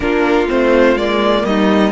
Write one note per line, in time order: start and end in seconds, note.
0.00 0.48 A#3
0.00 0.46 D4
0.00 1.47 F4
0.00 0.47 A#4
0.48 0.95 A3
0.48 0.96 C4
0.48 0.97 C5
0.95 1.43 G#3
0.95 1.92 A#3
0.95 1.45 D5
1.44 1.92 G3
1.44 1.92 D#4
1.44 1.92 D#5